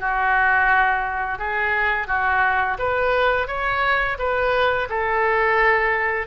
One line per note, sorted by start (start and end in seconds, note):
0.00 1.39 F#4
1.39 2.08 G#4
2.08 2.77 F#4
2.79 3.48 B4
3.48 4.17 C#5
4.19 4.88 B4
4.90 6.27 A4